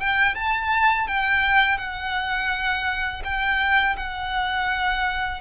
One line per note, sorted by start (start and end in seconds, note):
0.00 0.35 G5
0.35 1.07 A5
1.07 1.78 G5
1.78 3.23 F#5
3.24 3.97 G5
3.97 5.41 F#5